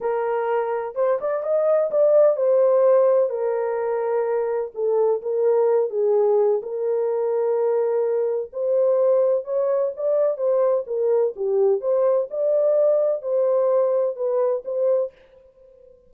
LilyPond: \new Staff \with { instrumentName = "horn" } { \time 4/4 \tempo 4 = 127 ais'2 c''8 d''8 dis''4 | d''4 c''2 ais'4~ | ais'2 a'4 ais'4~ | ais'8 gis'4. ais'2~ |
ais'2 c''2 | cis''4 d''4 c''4 ais'4 | g'4 c''4 d''2 | c''2 b'4 c''4 | }